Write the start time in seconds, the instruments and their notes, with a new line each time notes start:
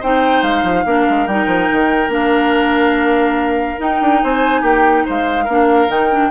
0.00 bassoon C4, clarinet D#4, oboe C5, flute G5
0.43 bassoon G#3, flute F5
0.63 bassoon F3
0.86 bassoon A#3, clarinet D4, oboe A#4
1.10 bassoon G#3
1.27 bassoon G3, clarinet D#4, flute G5
1.46 bassoon F3
1.72 bassoon D#3
2.08 bassoon A#3, clarinet D4, flute F5
3.78 clarinet D#4, bassoon D#4, flute G5
4.01 bassoon D4
4.23 bassoon C4, oboe C5, flute G#5
4.61 bassoon A#3, oboe G4, flute G5
5.06 bassoon G#3, oboe C5, flute F5
5.44 bassoon A#3, clarinet D4, oboe A#4
5.88 bassoon D#3, clarinet D#4, flute G5
6.11 clarinet D4